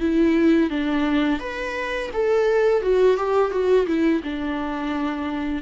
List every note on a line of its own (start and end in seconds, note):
0.00 0.70 E4
0.70 1.39 D4
1.39 2.10 B4
2.13 2.82 A4
2.82 3.16 F#4
3.16 3.51 G4
3.51 3.86 F#4
3.87 4.22 E4
4.23 5.62 D4